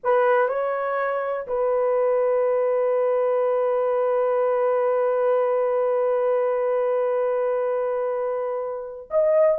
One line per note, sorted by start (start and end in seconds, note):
0.03 0.48 B4
0.48 1.46 C#5
1.47 9.09 B4
9.10 9.58 D#5